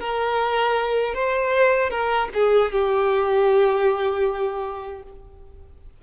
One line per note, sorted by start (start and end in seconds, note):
0.00 1.14 A#4
1.14 1.90 C5
1.90 2.29 A#4
2.34 2.72 G#4
2.72 5.03 G4